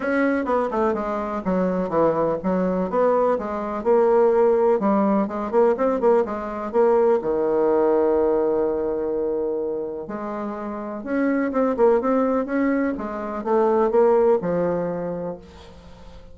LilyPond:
\new Staff \with { instrumentName = "bassoon" } { \time 4/4 \tempo 4 = 125 cis'4 b8 a8 gis4 fis4 | e4 fis4 b4 gis4 | ais2 g4 gis8 ais8 | c'8 ais8 gis4 ais4 dis4~ |
dis1~ | dis4 gis2 cis'4 | c'8 ais8 c'4 cis'4 gis4 | a4 ais4 f2 | }